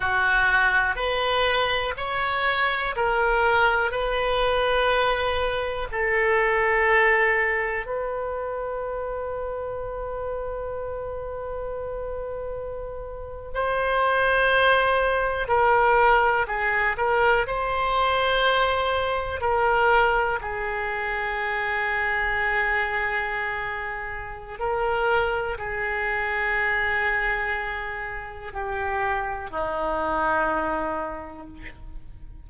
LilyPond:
\new Staff \with { instrumentName = "oboe" } { \time 4/4 \tempo 4 = 61 fis'4 b'4 cis''4 ais'4 | b'2 a'2 | b'1~ | b'4.~ b'16 c''2 ais'16~ |
ais'8. gis'8 ais'8 c''2 ais'16~ | ais'8. gis'2.~ gis'16~ | gis'4 ais'4 gis'2~ | gis'4 g'4 dis'2 | }